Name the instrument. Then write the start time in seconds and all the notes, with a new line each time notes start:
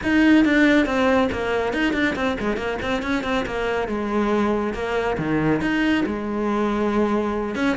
cello
0.03 D#4
0.44 D4
0.85 C4
1.32 A#3
1.73 D#4
1.93 D4
2.15 C4
2.39 G#3
2.56 A#3
2.82 C4
3.02 C#4
3.23 C4
3.46 A#3
3.88 G#3
4.73 A#3
5.18 D#3
5.61 D#4
6.06 G#3
7.55 C#4